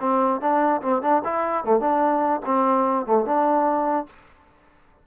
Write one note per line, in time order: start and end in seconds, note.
0.00 0.41 C4
0.41 0.81 D4
0.82 1.02 C4
1.02 1.22 D4
1.24 1.64 E4
1.64 1.80 A3
1.80 2.40 D4
2.46 3.06 C4
3.06 3.25 A3
3.25 4.07 D4